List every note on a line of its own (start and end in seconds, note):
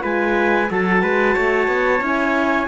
0.00 0.70 G#3
0.00 0.67 F4
0.00 0.69 B4
0.00 0.71 G#5
0.70 1.02 F#3
0.70 2.01 F#4
0.70 1.02 A4
0.70 2.05 A5
1.02 1.35 G#3
1.02 1.34 B4
1.34 1.68 A3
1.34 2.68 C#5
1.68 2.01 B3
2.01 2.67 C#4
2.01 2.68 E4
2.01 2.68 G#5